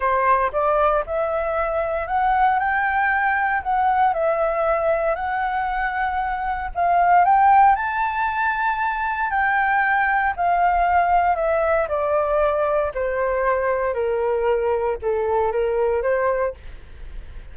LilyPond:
\new Staff \with { instrumentName = "flute" } { \time 4/4 \tempo 4 = 116 c''4 d''4 e''2 | fis''4 g''2 fis''4 | e''2 fis''2~ | fis''4 f''4 g''4 a''4~ |
a''2 g''2 | f''2 e''4 d''4~ | d''4 c''2 ais'4~ | ais'4 a'4 ais'4 c''4 | }